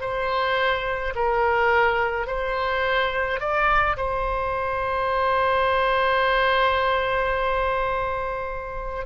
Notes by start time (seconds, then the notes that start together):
0.00 C5
1.15 A#4
2.26 C5
3.40 D5
3.97 C5